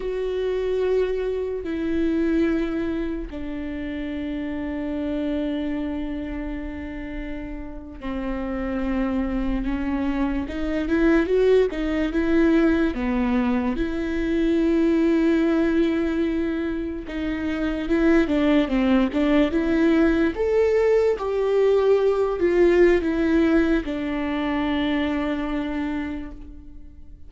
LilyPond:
\new Staff \with { instrumentName = "viola" } { \time 4/4 \tempo 4 = 73 fis'2 e'2 | d'1~ | d'4.~ d'16 c'2 cis'16~ | cis'8. dis'8 e'8 fis'8 dis'8 e'4 b16~ |
b8. e'2.~ e'16~ | e'8. dis'4 e'8 d'8 c'8 d'8 e'16~ | e'8. a'4 g'4. f'8. | e'4 d'2. | }